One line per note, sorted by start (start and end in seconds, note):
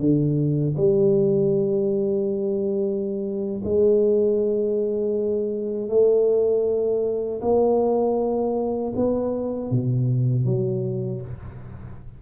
0.00 0.76 D3
0.77 3.62 G3
3.65 5.90 G#3
5.90 7.42 A3
7.42 8.94 A#3
8.96 9.71 B3
9.71 10.46 B2
10.46 11.22 F#3